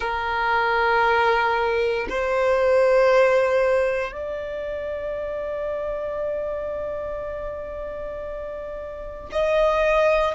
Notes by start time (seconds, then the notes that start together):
0.00 A#4
2.09 C5
4.12 D5
9.32 D#5